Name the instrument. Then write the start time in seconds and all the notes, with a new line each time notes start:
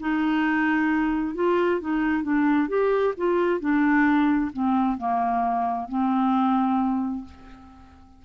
clarinet
0.00 D#4
1.35 F4
1.81 D#4
2.23 D4
2.68 G4
3.17 F4
3.60 D4
4.53 C4
4.98 A#3
5.89 C4